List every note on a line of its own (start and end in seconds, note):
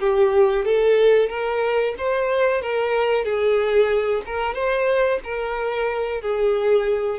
0.00 0.65 G4
0.65 1.29 A4
1.29 1.94 A#4
1.98 2.61 C5
2.61 3.24 A#4
3.24 4.22 G#4
4.26 4.54 A#4
4.54 5.19 C5
5.24 6.21 A#4
6.21 7.19 G#4